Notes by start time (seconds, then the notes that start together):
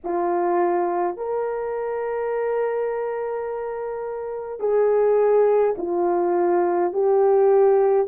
0.04 F4
1.16 A#4
4.59 G#4
5.77 F4
6.92 G4